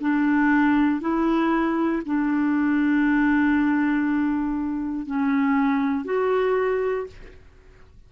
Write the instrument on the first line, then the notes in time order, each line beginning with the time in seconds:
clarinet
0.00 D4
1.00 E4
2.05 D4
5.06 C#4
6.05 F#4